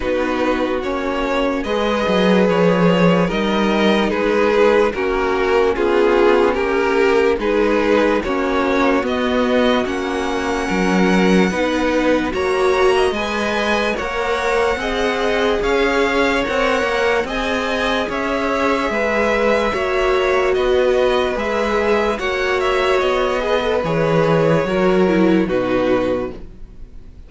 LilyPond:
<<
  \new Staff \with { instrumentName = "violin" } { \time 4/4 \tempo 4 = 73 b'4 cis''4 dis''4 cis''4 | dis''4 b'4 ais'4 gis'4 | ais'4 b'4 cis''4 dis''4 | fis''2. ais''4 |
gis''4 fis''2 f''4 | fis''4 gis''4 e''2~ | e''4 dis''4 e''4 fis''8 e''8 | dis''4 cis''2 b'4 | }
  \new Staff \with { instrumentName = "violin" } { \time 4/4 fis'2 b'2 | ais'4 gis'4 fis'4 f'4 | g'4 gis'4 fis'2~ | fis'4 ais'4 b'4 cis''8. dis''16~ |
dis''4 cis''4 dis''4 cis''4~ | cis''4 dis''4 cis''4 b'4 | cis''4 b'2 cis''4~ | cis''8 b'4. ais'4 fis'4 | }
  \new Staff \with { instrumentName = "viola" } { \time 4/4 dis'4 cis'4 gis'2 | dis'2 cis'2~ | cis'4 dis'4 cis'4 b4 | cis'2 dis'4 fis'4 |
b'4 ais'4 gis'2 | ais'4 gis'2. | fis'2 gis'4 fis'4~ | fis'8 gis'16 a'16 gis'4 fis'8 e'8 dis'4 | }
  \new Staff \with { instrumentName = "cello" } { \time 4/4 b4 ais4 gis8 fis8 f4 | g4 gis4 ais4 b4 | ais4 gis4 ais4 b4 | ais4 fis4 b4 ais4 |
gis4 ais4 c'4 cis'4 | c'8 ais8 c'4 cis'4 gis4 | ais4 b4 gis4 ais4 | b4 e4 fis4 b,4 | }
>>